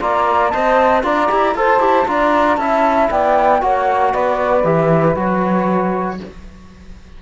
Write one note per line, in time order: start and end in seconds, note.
0.00 0.52 A#3
0.00 0.52 F4
0.00 0.51 D5
0.00 0.50 A#5
0.50 1.03 C4
0.50 1.02 C5
0.50 1.03 D#5
0.50 1.01 A5
1.02 1.29 D4
1.02 1.28 F4
1.02 1.55 D5
1.02 1.56 A#5
1.28 1.55 E4
1.28 1.54 G4
1.55 1.79 F4
1.55 1.80 A4
1.55 2.08 C5
1.55 2.07 A5
1.79 2.05 E4
1.79 2.05 G4
2.06 2.57 D4
2.06 2.58 F4
2.06 2.59 D5
2.06 2.56 A#5
2.56 3.08 C#4
2.56 3.60 E4
2.56 3.10 E5
2.56 3.08 A5
3.10 3.62 B3
3.10 3.60 D5
3.10 3.62 G5
3.60 4.13 A#3
3.60 4.63 F#4
3.60 4.11 C#5
3.60 4.13 F#5
4.11 4.63 B3
4.11 6.18 B4
4.11 4.65 D5
4.63 5.15 E3
4.63 5.14 G4
4.63 5.16 E5
5.15 6.19 F#3
5.15 6.18 F#4
5.15 6.22 C#5